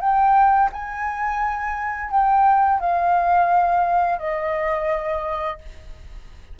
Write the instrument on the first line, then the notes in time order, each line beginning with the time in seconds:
flute
0.00 G5
0.73 G#5
2.11 G5
2.80 F5
4.19 D#5